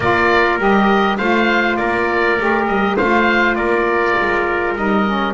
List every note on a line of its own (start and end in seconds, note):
0.00 0.58 A#3
0.00 0.59 F4
0.00 1.17 A#4
0.00 0.59 D5
0.58 1.18 G3
0.58 1.18 G4
0.58 1.17 D#5
1.17 1.78 A3
1.17 2.37 F4
1.17 1.77 C5
1.17 1.76 F5
1.76 2.39 A#3
1.76 2.96 A#4
1.76 2.65 D5
2.38 2.67 A3
2.38 2.98 G4
2.66 2.97 G3
2.66 2.96 D#5
2.96 3.55 A3
2.96 4.77 F4
2.96 3.55 C5
2.96 3.55 F5
3.55 4.15 A#3
3.55 5.33 A#4
3.55 4.74 D5
4.20 4.75 G#3
4.75 5.33 G3
4.75 5.06 D#4
4.75 5.33 D#5
5.06 5.33 C#4